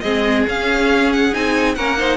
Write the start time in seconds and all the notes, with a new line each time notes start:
0.00 G#3 C4 G#4 D#5
0.47 C#4 F5
1.12 F#5
1.33 C4 D#4 G#5
1.75 A#3 C#4 A#4 F#5
1.97 D#4 C5